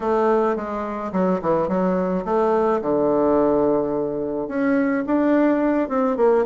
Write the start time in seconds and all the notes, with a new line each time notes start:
0.00 A3
0.56 G#3
1.12 F#3
1.41 E3
1.68 F#3
2.24 A3
2.81 D3
4.48 C#4
5.06 D4
5.88 C4
6.17 A#3